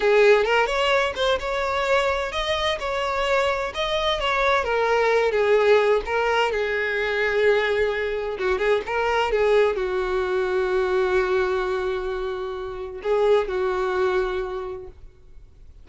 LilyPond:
\new Staff \with { instrumentName = "violin" } { \time 4/4 \tempo 4 = 129 gis'4 ais'8 cis''4 c''8 cis''4~ | cis''4 dis''4 cis''2 | dis''4 cis''4 ais'4. gis'8~ | gis'4 ais'4 gis'2~ |
gis'2 fis'8 gis'8 ais'4 | gis'4 fis'2.~ | fis'1 | gis'4 fis'2. | }